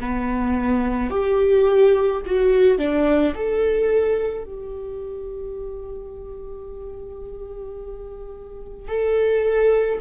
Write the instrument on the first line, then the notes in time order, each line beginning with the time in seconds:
viola
0.00 B3
1.10 G4
2.26 F#4
2.78 D4
3.34 A4
4.44 G4
8.88 A4